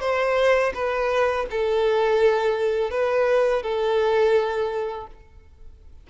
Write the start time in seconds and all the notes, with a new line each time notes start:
0.00 C5
0.74 B4
1.50 A4
2.90 B4
3.62 A4